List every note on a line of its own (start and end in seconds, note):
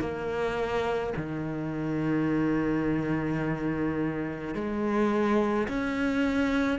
0.00 1.13 A#3
1.17 4.55 D#3
4.55 5.68 G#3
5.68 6.79 C#4